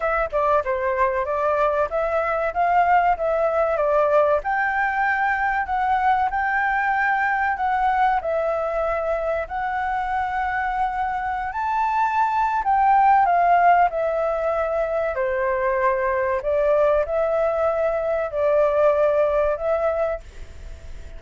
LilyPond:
\new Staff \with { instrumentName = "flute" } { \time 4/4 \tempo 4 = 95 e''8 d''8 c''4 d''4 e''4 | f''4 e''4 d''4 g''4~ | g''4 fis''4 g''2 | fis''4 e''2 fis''4~ |
fis''2~ fis''16 a''4.~ a''16 | g''4 f''4 e''2 | c''2 d''4 e''4~ | e''4 d''2 e''4 | }